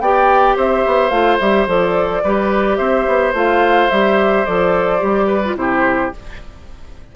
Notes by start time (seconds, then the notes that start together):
0.00 B3 G4 D5 G5
0.56 C4 C5 E5
0.86 B3
1.09 A3 F4 F5
1.40 G3 G4 E5
1.67 F3 A4 D5
2.24 G3 G4 B4
2.77 C4 C5 E5
3.07 B3
3.33 A3 F4 F5
3.90 G3 G4 E5
4.45 F3 A4 D5
4.99 G3 G4
5.27 B4
5.45 F4
5.55 C3 E4 G4 C5